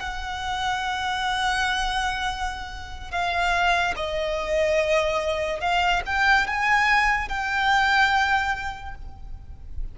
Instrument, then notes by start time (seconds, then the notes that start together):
violin
0.00 F#5
3.11 F5
3.96 D#5
5.61 F5
6.06 G5
6.47 G#5
7.29 G5